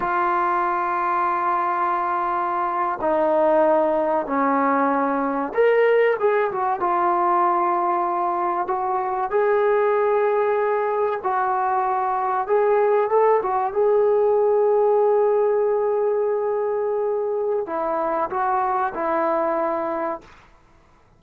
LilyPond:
\new Staff \with { instrumentName = "trombone" } { \time 4/4 \tempo 4 = 95 f'1~ | f'8. dis'2 cis'4~ cis'16~ | cis'8. ais'4 gis'8 fis'8 f'4~ f'16~ | f'4.~ f'16 fis'4 gis'4~ gis'16~ |
gis'4.~ gis'16 fis'2 gis'16~ | gis'8. a'8 fis'8 gis'2~ gis'16~ | gis'1 | e'4 fis'4 e'2 | }